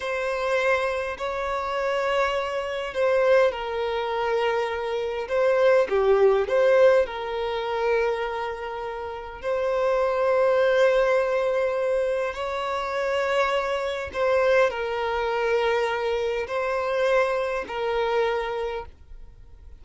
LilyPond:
\new Staff \with { instrumentName = "violin" } { \time 4/4 \tempo 4 = 102 c''2 cis''2~ | cis''4 c''4 ais'2~ | ais'4 c''4 g'4 c''4 | ais'1 |
c''1~ | c''4 cis''2. | c''4 ais'2. | c''2 ais'2 | }